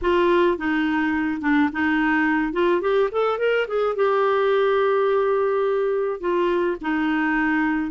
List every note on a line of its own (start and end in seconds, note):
0.01 0.57 F4
0.57 1.41 D#4
1.41 1.69 D4
1.72 2.52 D#4
2.52 2.81 F4
2.81 3.09 G4
3.11 3.38 A4
3.38 3.66 A#4
3.67 3.95 G#4
3.95 6.20 G4
6.20 6.76 F4
6.81 7.91 D#4